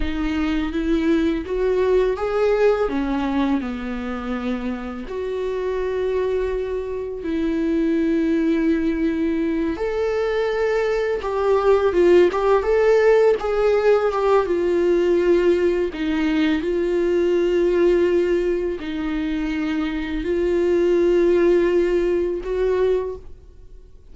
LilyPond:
\new Staff \with { instrumentName = "viola" } { \time 4/4 \tempo 4 = 83 dis'4 e'4 fis'4 gis'4 | cis'4 b2 fis'4~ | fis'2 e'2~ | e'4. a'2 g'8~ |
g'8 f'8 g'8 a'4 gis'4 g'8 | f'2 dis'4 f'4~ | f'2 dis'2 | f'2. fis'4 | }